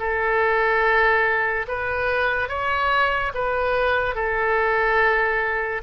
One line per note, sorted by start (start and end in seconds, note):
0.00 1.67 A4
1.69 2.49 B4
2.49 3.33 C#5
3.34 4.16 B4
4.16 5.82 A4